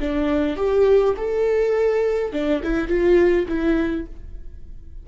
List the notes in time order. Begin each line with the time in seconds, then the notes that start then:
0.00 D4
0.57 G4
1.17 A4
2.33 D4
2.64 E4
2.89 F4
3.48 E4